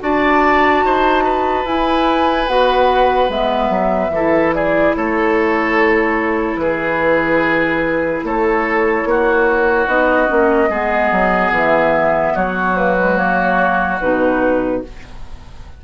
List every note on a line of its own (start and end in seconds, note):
0.00 0.84 D4
0.00 1.64 F#4
0.00 0.85 D5
0.00 1.66 A5
0.84 1.65 D#4
0.84 1.24 C5
1.24 4.11 B4
1.65 2.47 E4
1.65 2.48 E4
1.65 2.48 G#5
2.47 3.29 B3
2.47 3.29 F#4
2.47 3.30 F#5
3.29 3.70 G#3
3.29 4.12 B3
3.29 4.54 E5
3.70 4.10 F#3
4.10 4.92 E3
4.10 9.88 E4
4.10 4.55 A4
4.54 4.96 G#4
4.54 4.95 D5
4.96 6.57 A3
4.96 6.61 A4
4.96 6.58 C#5
6.57 8.21 E3
6.57 8.26 G#4
6.57 8.22 B4
8.24 9.05 A3
8.24 9.08 A4
8.24 9.87 C#5
9.05 9.87 A#3
9.05 10.69 F#4
9.87 10.28 B3
9.87 10.28 D#4
9.87 11.52 D#5
10.28 10.70 A#3
10.28 10.69 C#4
10.69 11.11 G#3
10.69 12.76 B3
10.69 12.34 G#4
11.12 11.51 F#3
11.51 12.33 E3
11.51 12.37 E5
12.34 14.01 F#3
12.34 14.81 F#4
12.34 12.77 C#5
12.76 12.96 A#3
12.76 13.17 B4
12.98 13.16 G#3
13.16 13.98 A#3
13.16 13.99 C#5
14.00 14.84 B2
14.00 14.84 D#4
14.00 14.83 B4